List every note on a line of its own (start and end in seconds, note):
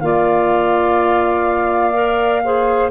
0.00 2.91 A#3
0.00 1.93 F4
0.00 2.44 D5
0.00 2.90 F5
1.93 2.42 A#4
2.44 2.91 G#4
2.44 2.91 C5